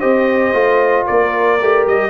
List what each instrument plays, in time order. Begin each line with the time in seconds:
0.00 tuba C4, trombone G4, horn C5, trumpet D#5
0.54 tuba A3, trombone F4
1.07 tuba A#3, horn A#4, trumpet D5
1.62 tuba A3, trombone G4
1.87 tuba G3, trumpet D#5